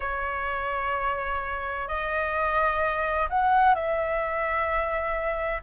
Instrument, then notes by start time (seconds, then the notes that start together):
flute
0.00 C#5
1.87 D#5
3.29 F#5
3.74 E5